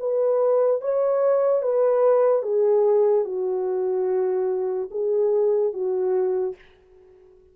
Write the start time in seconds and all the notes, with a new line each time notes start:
0.00 B4
0.82 C#5
1.63 B4
2.43 G#4
3.25 F#4
4.91 G#4
5.73 F#4